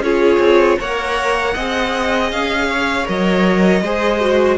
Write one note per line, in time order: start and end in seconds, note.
0.00 0.38 C#4
0.00 0.80 F4
0.00 0.79 G#4
0.00 0.79 C#5
0.39 0.77 C4
0.79 1.56 A#3
0.79 1.56 A#4
0.79 1.54 C#5
0.79 2.31 F#5
1.54 2.32 C4
1.54 3.06 G#4
1.54 2.68 D#5
2.31 3.08 C#4
2.31 3.07 F5
2.69 3.83 C#5
3.06 3.82 F#3
3.06 3.82 A#4
3.06 4.58 D#5
3.82 4.58 G#3
3.82 4.20 G#4
3.82 4.58 C5
4.20 4.58 F#4